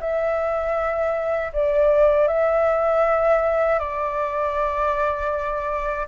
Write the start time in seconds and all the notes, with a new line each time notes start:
0.00 E5
1.53 D5
2.28 E5
3.79 D5